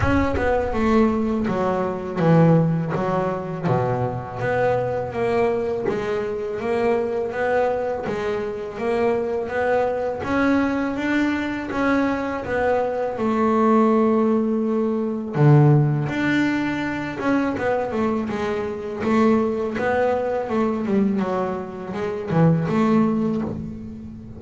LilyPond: \new Staff \with { instrumentName = "double bass" } { \time 4/4 \tempo 4 = 82 cis'8 b8 a4 fis4 e4 | fis4 b,4 b4 ais4 | gis4 ais4 b4 gis4 | ais4 b4 cis'4 d'4 |
cis'4 b4 a2~ | a4 d4 d'4. cis'8 | b8 a8 gis4 a4 b4 | a8 g8 fis4 gis8 e8 a4 | }